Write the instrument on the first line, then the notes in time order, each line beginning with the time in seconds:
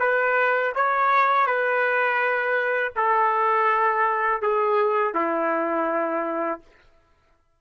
trumpet
0.00 B4
0.75 C#5
1.47 B4
2.96 A4
4.42 G#4
5.15 E4